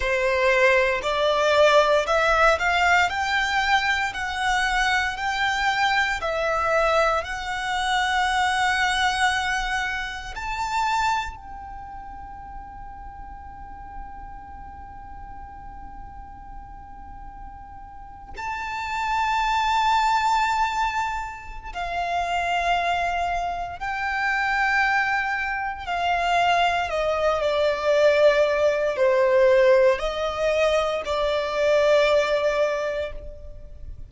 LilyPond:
\new Staff \with { instrumentName = "violin" } { \time 4/4 \tempo 4 = 58 c''4 d''4 e''8 f''8 g''4 | fis''4 g''4 e''4 fis''4~ | fis''2 a''4 g''4~ | g''1~ |
g''4.~ g''16 a''2~ a''16~ | a''4 f''2 g''4~ | g''4 f''4 dis''8 d''4. | c''4 dis''4 d''2 | }